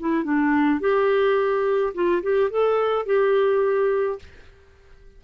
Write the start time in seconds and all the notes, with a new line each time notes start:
0.00 E4
0.24 D4
0.80 G4
1.94 F4
2.23 G4
2.50 A4
3.06 G4